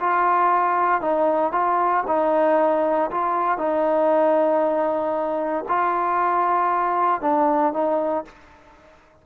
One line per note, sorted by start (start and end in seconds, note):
0.00 1.01 F4
1.01 1.52 D#4
1.52 2.04 F4
2.07 3.11 D#4
3.11 3.58 F4
3.58 5.65 D#4
5.68 7.21 F4
7.21 7.73 D4
7.73 8.25 D#4